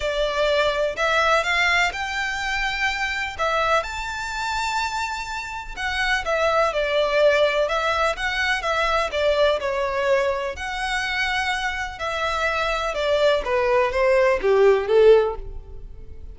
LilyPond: \new Staff \with { instrumentName = "violin" } { \time 4/4 \tempo 4 = 125 d''2 e''4 f''4 | g''2. e''4 | a''1 | fis''4 e''4 d''2 |
e''4 fis''4 e''4 d''4 | cis''2 fis''2~ | fis''4 e''2 d''4 | b'4 c''4 g'4 a'4 | }